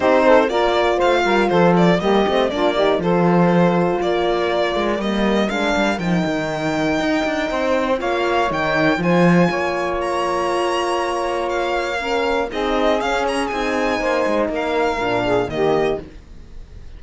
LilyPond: <<
  \new Staff \with { instrumentName = "violin" } { \time 4/4 \tempo 4 = 120 c''4 d''4 f''4 c''8 d''8 | dis''4 d''4 c''2 | d''2 dis''4 f''4 | g''1 |
f''4 g''4 gis''2 | ais''2. f''4~ | f''4 dis''4 f''8 ais''8 gis''4~ | gis''4 f''2 dis''4 | }
  \new Staff \with { instrumentName = "saxophone" } { \time 4/4 g'8 a'8 ais'4 c''8 ais'8 a'4 | g'4 f'8 g'8 a'2 | ais'1~ | ais'2. c''4 |
cis''2 c''4 cis''4~ | cis''1 | ais'4 gis'2. | c''4 ais'4. gis'8 g'4 | }
  \new Staff \with { instrumentName = "horn" } { \time 4/4 dis'4 f'2. | ais8 c'8 d'8 dis'8 f'2~ | f'2 ais4 d'4 | dis'1 |
f'4 dis'4 f'2~ | f'1 | cis'4 dis'4 cis'4 dis'4~ | dis'2 d'4 ais4 | }
  \new Staff \with { instrumentName = "cello" } { \time 4/4 c'4 ais4 a8 g8 f4 | g8 a8 ais4 f2 | ais4. gis8 g4 gis8 g8 | f8 dis4. dis'8 d'8 c'4 |
ais4 dis4 f4 ais4~ | ais1~ | ais4 c'4 cis'4 c'4 | ais8 gis8 ais4 ais,4 dis4 | }
>>